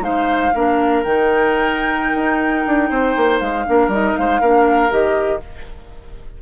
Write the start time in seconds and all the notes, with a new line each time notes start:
0.00 G#3 D#4 C5 F5
0.54 A#3 D4 A#4
1.04 D#3 D#4 G5
2.15 D#4
2.67 D4
2.90 C4 C5
3.17 A#3
3.40 G#3 F5
3.67 A#3 D4 A#4
3.88 G3 D#4 D#5
4.17 G#3 C5 F5
4.41 A#3 D4 A#4
4.90 D#3 G4 D#5